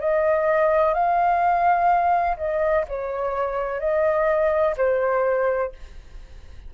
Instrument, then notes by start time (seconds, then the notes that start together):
flute
0.00 D#5
0.94 F5
2.37 D#5
2.88 C#5
3.80 D#5
4.77 C5